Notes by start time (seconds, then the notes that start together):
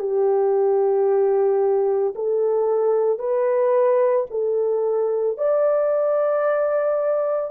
0.00 G4
2.16 A4
3.19 B4
4.31 A4
5.38 D5